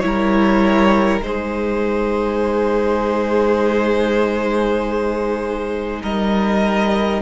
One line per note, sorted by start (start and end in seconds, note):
0.00 1.21 G3
0.00 1.22 E4
0.00 1.20 C#5
0.06 1.26 A#4
1.21 6.01 G#3
1.21 7.22 D#4
1.21 6.03 C5
1.27 6.03 G#4
6.03 7.22 G3
6.03 7.22 A#4
6.03 7.22 D#5